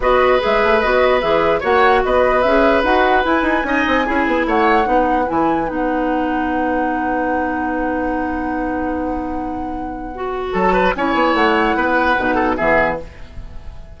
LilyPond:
<<
  \new Staff \with { instrumentName = "flute" } { \time 4/4 \tempo 4 = 148 dis''4 e''4 dis''4 e''4 | fis''4 dis''4 e''4 fis''4 | gis''2. fis''4~ | fis''4 gis''4 fis''2~ |
fis''1~ | fis''1~ | fis''2 a''4 gis''4 | fis''2. e''4 | }
  \new Staff \with { instrumentName = "oboe" } { \time 4/4 b'1 | cis''4 b'2.~ | b'4 dis''4 gis'4 cis''4 | b'1~ |
b'1~ | b'1~ | b'2 a'8 b'8 cis''4~ | cis''4 b'4. a'8 gis'4 | }
  \new Staff \with { instrumentName = "clarinet" } { \time 4/4 fis'4 gis'4 fis'4 gis'4 | fis'2 gis'4 fis'4 | e'4 dis'4 e'2 | dis'4 e'4 dis'2~ |
dis'1~ | dis'1~ | dis'4 fis'2 e'4~ | e'2 dis'4 b4 | }
  \new Staff \with { instrumentName = "bassoon" } { \time 4/4 b4 gis8 a8 b4 e4 | ais4 b4 cis'4 dis'4 | e'8 dis'8 cis'8 c'8 cis'8 b8 a4 | b4 e4 b2~ |
b1~ | b1~ | b2 fis4 cis'8 b8 | a4 b4 b,4 e4 | }
>>